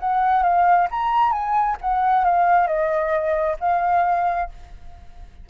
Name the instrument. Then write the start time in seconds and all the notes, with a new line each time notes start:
flute
0.00 F#5
0.43 F5
0.91 A#5
1.32 G#5
1.81 F#5
2.24 F5
2.67 D#5
3.60 F5